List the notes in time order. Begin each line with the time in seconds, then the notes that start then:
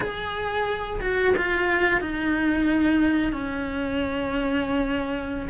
0.00 G#4
1.01 F#4
1.37 F4
2.01 D#4
3.32 C#4